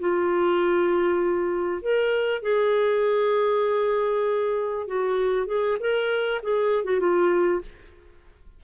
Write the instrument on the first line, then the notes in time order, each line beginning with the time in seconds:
clarinet
0.00 F4
1.82 A#4
2.42 G#4
4.87 F#4
5.47 G#4
5.80 A#4
6.43 G#4
6.84 F#4
7.00 F4